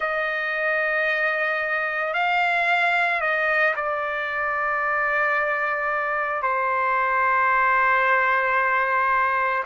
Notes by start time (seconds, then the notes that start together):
0.00 D#5
2.13 F5
3.20 D#5
3.75 D5
6.42 C5